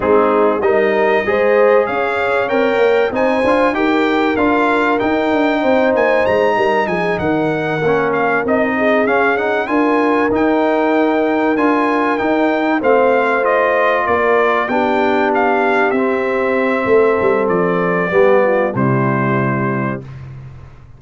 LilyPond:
<<
  \new Staff \with { instrumentName = "trumpet" } { \time 4/4 \tempo 4 = 96 gis'4 dis''2 f''4 | g''4 gis''4 g''4 f''4 | g''4. gis''8 ais''4 gis''8 fis''8~ | fis''4 f''8 dis''4 f''8 fis''8 gis''8~ |
gis''8 g''2 gis''4 g''8~ | g''8 f''4 dis''4 d''4 g''8~ | g''8 f''4 e''2~ e''8 | d''2 c''2 | }
  \new Staff \with { instrumentName = "horn" } { \time 4/4 dis'4 ais'4 c''4 cis''4~ | cis''4 c''4 ais'2~ | ais'4 c''4. ais'8 gis'8 ais'8~ | ais'2 gis'4. ais'8~ |
ais'1~ | ais'8 c''2 ais'4 g'8~ | g'2. a'4~ | a'4 g'8 f'8 e'2 | }
  \new Staff \with { instrumentName = "trombone" } { \time 4/4 c'4 dis'4 gis'2 | ais'4 dis'8 f'8 g'4 f'4 | dis'1~ | dis'8 cis'4 dis'4 cis'8 dis'8 f'8~ |
f'8 dis'2 f'4 dis'8~ | dis'8 c'4 f'2 d'8~ | d'4. c'2~ c'8~ | c'4 b4 g2 | }
  \new Staff \with { instrumentName = "tuba" } { \time 4/4 gis4 g4 gis4 cis'4 | c'8 ais8 c'8 d'8 dis'4 d'4 | dis'8 d'8 c'8 ais8 gis8 g8 f8 dis8~ | dis8 ais4 c'4 cis'4 d'8~ |
d'8 dis'2 d'4 dis'8~ | dis'8 a2 ais4 b8~ | b4. c'4. a8 g8 | f4 g4 c2 | }
>>